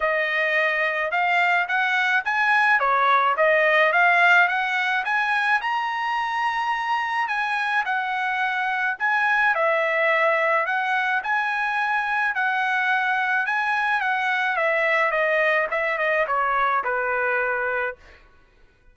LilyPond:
\new Staff \with { instrumentName = "trumpet" } { \time 4/4 \tempo 4 = 107 dis''2 f''4 fis''4 | gis''4 cis''4 dis''4 f''4 | fis''4 gis''4 ais''2~ | ais''4 gis''4 fis''2 |
gis''4 e''2 fis''4 | gis''2 fis''2 | gis''4 fis''4 e''4 dis''4 | e''8 dis''8 cis''4 b'2 | }